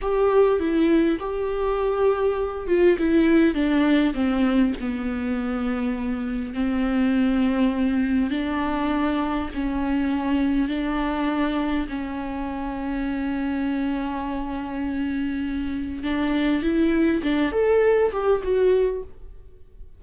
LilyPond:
\new Staff \with { instrumentName = "viola" } { \time 4/4 \tempo 4 = 101 g'4 e'4 g'2~ | g'8 f'8 e'4 d'4 c'4 | b2. c'4~ | c'2 d'2 |
cis'2 d'2 | cis'1~ | cis'2. d'4 | e'4 d'8 a'4 g'8 fis'4 | }